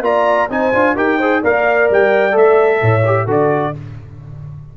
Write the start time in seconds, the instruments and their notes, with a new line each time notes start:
0.00 tuba A#3, trombone F4, horn D5, trumpet A#5
0.49 tuba C4, trombone D#4, horn C5, trumpet G#5
0.73 tuba D4, trombone F4
0.95 tuba D#4, trombone G4, horn A#4, trumpet G5
1.17 trombone G#4, horn C5
1.41 tuba A#3, trombone A#4, horn D5, trumpet F5
1.90 tuba G3, trumpet G5
2.31 tuba A3, trombone A4, trumpet E5
2.81 tuba A2, horn C#5
3.05 trombone G4
3.25 tuba D3, trombone F#4, horn A4
3.31 trumpet D5